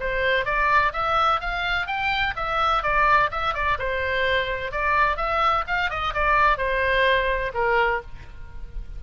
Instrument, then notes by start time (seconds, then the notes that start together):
oboe
0.00 C5
0.45 D5
0.93 E5
1.41 F5
1.87 G5
2.36 E5
2.83 D5
3.31 E5
3.54 D5
3.79 C5
4.72 D5
5.17 E5
5.67 F5
5.90 D#5
6.14 D5
6.58 C5
7.54 A#4